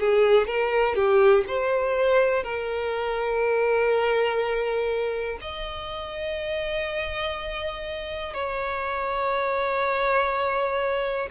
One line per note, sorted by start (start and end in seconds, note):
0.00 0.47 G#4
0.47 0.95 A#4
0.95 1.44 G4
1.48 2.44 C5
2.44 5.39 A#4
5.41 8.34 D#5
8.34 11.29 C#5